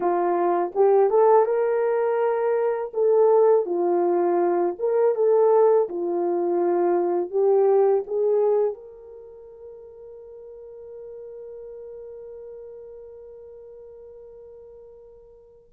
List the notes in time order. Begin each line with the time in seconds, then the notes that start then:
0.00 F4
0.75 G4
1.09 A4
1.45 A#4
2.93 A4
3.66 F4
4.78 A#4
5.15 A4
5.88 F4
7.30 G4
8.07 G#4
8.74 A#4